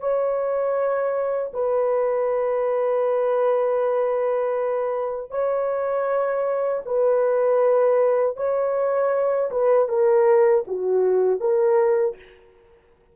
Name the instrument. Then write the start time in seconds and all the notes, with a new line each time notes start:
horn
0.00 C#5
1.54 B4
5.31 C#5
6.86 B4
8.37 C#5
9.51 B4
9.89 A#4
10.67 F#4
11.40 A#4